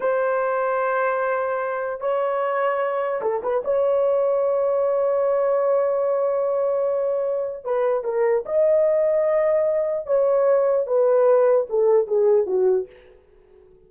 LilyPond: \new Staff \with { instrumentName = "horn" } { \time 4/4 \tempo 4 = 149 c''1~ | c''4 cis''2. | a'8 b'8 cis''2.~ | cis''1~ |
cis''2. b'4 | ais'4 dis''2.~ | dis''4 cis''2 b'4~ | b'4 a'4 gis'4 fis'4 | }